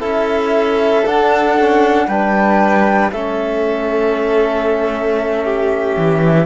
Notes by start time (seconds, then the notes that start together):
0.00 C#4 E4 A4 E5
1.06 D4 F#5
1.59 C#4
2.08 G3 D4 B4 G5
3.12 A3 C#4 A4 E5
5.44 G4
5.97 E3